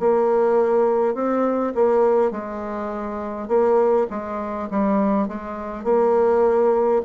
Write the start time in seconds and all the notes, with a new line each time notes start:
0.00 A#3
1.15 C4
1.75 A#3
2.32 G#3
3.48 A#3
4.10 G#3
4.71 G3
5.28 G#3
5.84 A#3